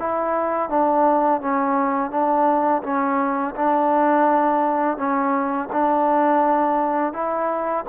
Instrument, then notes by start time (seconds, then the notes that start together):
trombone
0.00 E4
0.70 D4
1.42 C#4
2.11 D4
2.83 C#4
3.56 D4
4.98 C#4
5.73 D4
7.13 E4